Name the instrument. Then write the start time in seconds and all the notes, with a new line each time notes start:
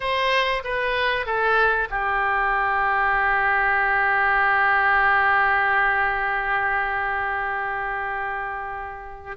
oboe
0.00 C5
0.64 B4
1.26 A4
1.90 G4